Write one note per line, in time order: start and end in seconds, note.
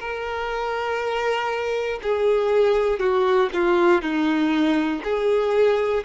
0.00 2.00 A#4
2.02 3.00 G#4
3.00 3.50 F#4
3.54 4.01 F4
4.01 5.01 D#4
5.04 6.04 G#4